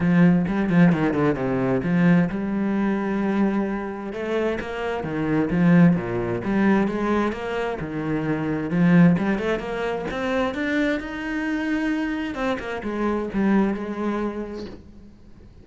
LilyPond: \new Staff \with { instrumentName = "cello" } { \time 4/4 \tempo 4 = 131 f4 g8 f8 dis8 d8 c4 | f4 g2.~ | g4 a4 ais4 dis4 | f4 ais,4 g4 gis4 |
ais4 dis2 f4 | g8 a8 ais4 c'4 d'4 | dis'2. c'8 ais8 | gis4 g4 gis2 | }